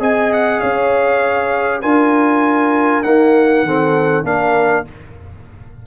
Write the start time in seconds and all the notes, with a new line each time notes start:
0.00 C4 G#4 D#5 G#5
0.33 F#5
0.61 C#4 C#5 F5
1.81 D4 F4 A#4 G#5
3.03 A#3 D#4 F#5
3.63 D#3 C4 A4
4.24 A#3 D4 A#4 F5